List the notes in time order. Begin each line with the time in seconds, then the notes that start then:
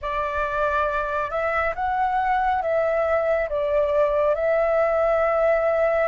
0.01 D5
1.30 E5
1.75 F#5
2.62 E5
3.49 D5
4.34 E5